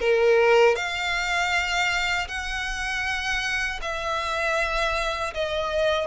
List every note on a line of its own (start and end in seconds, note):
0.00 0.76 A#4
0.76 2.28 F5
2.28 3.80 F#5
3.82 5.34 E5
5.34 6.07 D#5